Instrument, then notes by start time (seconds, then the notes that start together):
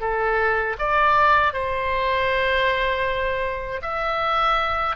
oboe
0.00 A4
0.79 D5
1.53 C5
3.82 E5